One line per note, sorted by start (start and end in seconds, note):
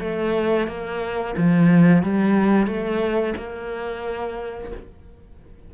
0.00 0.67 A3
0.68 1.35 A#3
1.37 2.03 F3
2.03 2.67 G3
2.67 3.34 A3
3.37 4.72 A#3